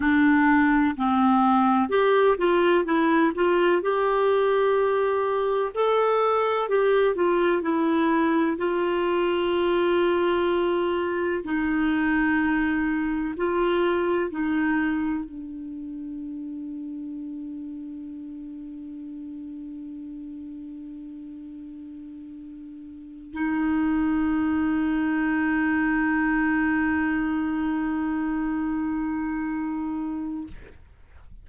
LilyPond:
\new Staff \with { instrumentName = "clarinet" } { \time 4/4 \tempo 4 = 63 d'4 c'4 g'8 f'8 e'8 f'8 | g'2 a'4 g'8 f'8 | e'4 f'2. | dis'2 f'4 dis'4 |
d'1~ | d'1~ | d'8 dis'2.~ dis'8~ | dis'1 | }